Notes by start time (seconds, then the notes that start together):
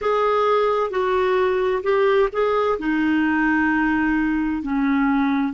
0.01 G#4
0.90 F#4
1.83 G4
2.32 G#4
2.79 D#4
4.62 C#4